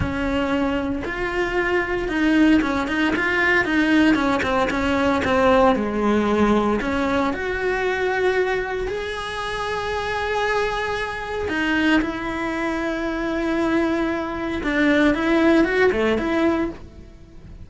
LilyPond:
\new Staff \with { instrumentName = "cello" } { \time 4/4 \tempo 4 = 115 cis'2 f'2 | dis'4 cis'8 dis'8 f'4 dis'4 | cis'8 c'8 cis'4 c'4 gis4~ | gis4 cis'4 fis'2~ |
fis'4 gis'2.~ | gis'2 dis'4 e'4~ | e'1 | d'4 e'4 fis'8 a8 e'4 | }